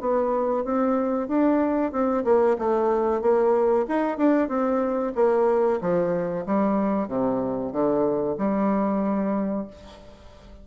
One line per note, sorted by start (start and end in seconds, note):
0.00 0.64 B3
0.64 1.28 C4
1.28 1.91 D4
1.91 2.24 C4
2.24 2.57 A#3
2.58 3.21 A3
3.21 3.86 A#3
3.88 4.17 D#4
4.17 4.48 D4
4.48 5.13 C4
5.15 5.79 A#3
5.81 6.45 F3
6.45 7.08 G3
7.08 7.72 C3
7.72 8.36 D3
8.38 9.67 G3